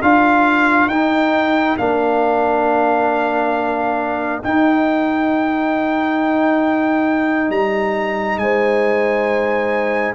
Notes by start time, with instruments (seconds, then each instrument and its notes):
0.00 tuba D4, trombone F4, horn A#4, trumpet F5
0.86 tuba D#4, trombone D#4, trumpet G5
1.77 tuba A#3, trombone D4, trumpet F5
4.43 trombone D#4, tuba D#4, trumpet G5
7.49 tuba G3, trumpet A#5
8.37 tuba G#3, horn C5, trumpet G#5